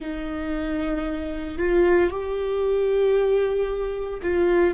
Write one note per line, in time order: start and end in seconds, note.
0.00 1.58 D#4
1.58 2.10 F4
2.10 4.20 G4
4.22 4.74 F4